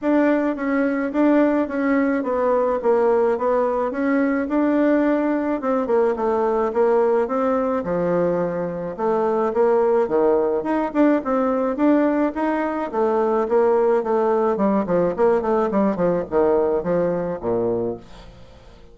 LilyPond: \new Staff \with { instrumentName = "bassoon" } { \time 4/4 \tempo 4 = 107 d'4 cis'4 d'4 cis'4 | b4 ais4 b4 cis'4 | d'2 c'8 ais8 a4 | ais4 c'4 f2 |
a4 ais4 dis4 dis'8 d'8 | c'4 d'4 dis'4 a4 | ais4 a4 g8 f8 ais8 a8 | g8 f8 dis4 f4 ais,4 | }